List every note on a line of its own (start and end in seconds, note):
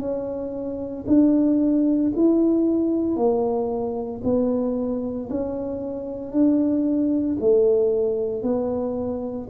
0.00 1.05 C#4
1.08 2.13 D4
2.16 3.17 E4
3.17 4.22 A#3
4.24 5.30 B3
5.30 6.32 C#4
6.32 7.37 D4
7.41 8.43 A3
8.43 9.48 B3